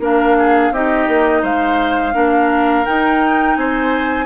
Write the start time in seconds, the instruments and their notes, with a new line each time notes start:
0.00 bassoon A#3, clarinet D4, oboe A#4, flute F5
0.39 oboe G#4
0.71 bassoon C4, clarinet D#4, oboe G4, flute D#5
1.08 bassoon A#3
1.43 bassoon G#3, oboe C5, flute F5
2.14 bassoon A#3, clarinet D4, oboe A#4
2.86 clarinet D#4, bassoon D#4, flute G5
3.57 bassoon C4, oboe C5, flute G#5